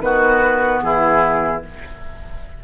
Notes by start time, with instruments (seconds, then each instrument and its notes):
0.00 bassoon D#3, clarinet B3, oboe F#4, flute B4
0.82 bassoon E3, oboe E4, flute G#4